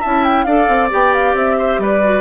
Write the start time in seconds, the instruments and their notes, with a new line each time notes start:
0.00 bassoon C#4, clarinet E4, oboe E5, flute A5
0.23 flute G5
0.43 bassoon D4, clarinet A4, oboe D5, flute F5
0.68 bassoon C4
0.90 bassoon B3, clarinet G4, flute G5
1.13 flute F5
1.33 bassoon C4, flute E5
1.58 oboe C5
1.78 bassoon G3, oboe B4, flute D5
2.02 clarinet F#4